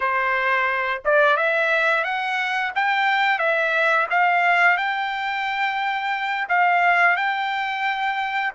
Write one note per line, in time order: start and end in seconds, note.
0.00 1.02 C5
1.04 1.36 D5
1.36 2.04 E5
2.04 2.72 F#5
2.75 3.38 G5
3.38 4.06 E5
4.10 4.77 F5
4.77 6.47 G5
6.48 7.16 F5
7.16 8.53 G5